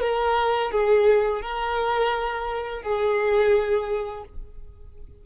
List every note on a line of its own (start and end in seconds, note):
0.00 0.71 A#4
0.71 1.41 G#4
1.41 2.82 A#4
2.82 4.23 G#4